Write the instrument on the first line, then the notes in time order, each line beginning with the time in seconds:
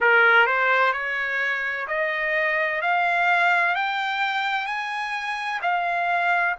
trumpet
0.00 A#4
0.46 C5
0.92 C#5
1.87 D#5
2.81 F5
3.75 G5
4.66 G#5
5.62 F5